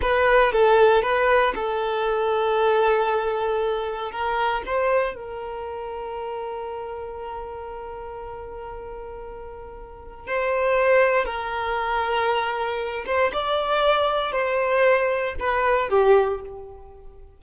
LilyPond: \new Staff \with { instrumentName = "violin" } { \time 4/4 \tempo 4 = 117 b'4 a'4 b'4 a'4~ | a'1 | ais'4 c''4 ais'2~ | ais'1~ |
ais'1 | c''2 ais'2~ | ais'4. c''8 d''2 | c''2 b'4 g'4 | }